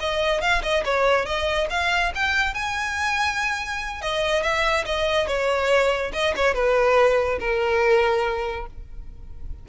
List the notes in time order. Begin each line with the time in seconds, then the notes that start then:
0.00 D#5
0.41 F5
0.63 D#5
0.85 C#5
1.25 D#5
1.70 F5
2.15 G5
2.54 G#5
4.02 D#5
4.43 E5
4.86 D#5
5.27 C#5
6.13 D#5
6.36 C#5
6.54 B4
7.40 A#4